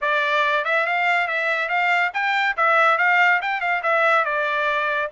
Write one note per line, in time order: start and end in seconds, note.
0.01 0.65 D5
0.65 0.86 E5
0.86 1.27 F5
1.27 1.68 E5
1.68 2.11 F5
2.13 2.56 G5
2.56 2.98 E5
2.98 3.40 F5
3.41 3.60 G5
3.60 3.82 F5
3.82 4.24 E5
4.24 5.09 D5